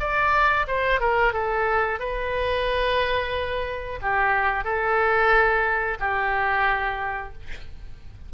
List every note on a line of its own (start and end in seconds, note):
0.00 0.67 D5
0.68 1.01 C5
1.01 1.33 A#4
1.33 2.00 A4
2.00 4.00 B4
4.02 4.65 G4
4.65 5.98 A4
6.00 7.33 G4